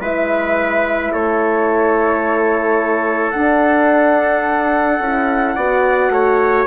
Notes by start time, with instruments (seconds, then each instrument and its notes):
0.00 bassoon G#3, horn E4, trumpet B4, flute E5
1.12 bassoon A3, trumpet A4, flute C#5
3.31 horn D4, bassoon D4, flute F#5
4.99 bassoon C#4, horn E4
5.55 bassoon B3, horn F#4, trumpet D5
6.09 bassoon A3, trumpet C#5